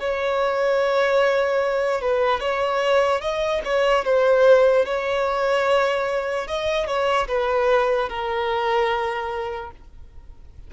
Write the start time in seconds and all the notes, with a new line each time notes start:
0.00 C#5
2.02 B4
2.40 C#5
3.21 D#5
3.65 C#5
4.05 C5
4.86 C#5
6.48 D#5
6.87 C#5
7.28 B4
8.09 A#4